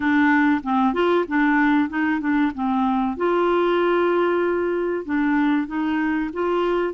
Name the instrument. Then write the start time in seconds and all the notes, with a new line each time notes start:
clarinet
0.00 D4
0.63 C4
0.93 F4
1.28 D4
1.89 D#4
2.20 D4
2.54 C4
3.17 F4
5.05 D4
5.67 D#4
6.33 F4